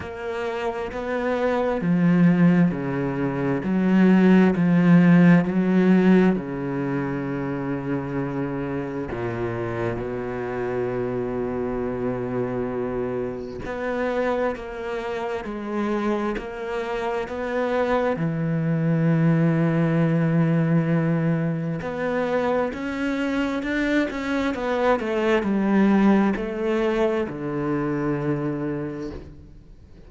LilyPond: \new Staff \with { instrumentName = "cello" } { \time 4/4 \tempo 4 = 66 ais4 b4 f4 cis4 | fis4 f4 fis4 cis4~ | cis2 ais,4 b,4~ | b,2. b4 |
ais4 gis4 ais4 b4 | e1 | b4 cis'4 d'8 cis'8 b8 a8 | g4 a4 d2 | }